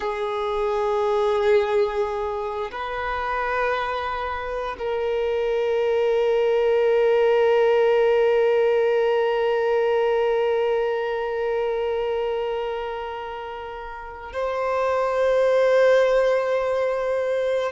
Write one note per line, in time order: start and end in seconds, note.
0.00 2.71 G#4
2.71 4.75 B4
4.78 14.32 A#4
14.32 17.71 C5